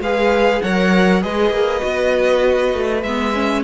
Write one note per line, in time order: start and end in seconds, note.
0.00 0.61 G#3
0.00 0.64 G#4
0.00 0.63 B4
0.00 0.62 F5
0.62 1.24 F#3
0.62 1.21 A#4
0.62 1.23 C#5
0.62 1.23 F#5
1.21 1.51 G#3
1.21 1.80 G#4
1.21 3.64 B4
1.21 3.03 D#5
1.51 1.81 A#3
1.80 2.74 B3
1.80 3.01 F#4
2.74 3.03 A3
3.03 3.64 G#3
3.03 3.34 B3
3.03 3.63 E5
3.34 3.64 C#4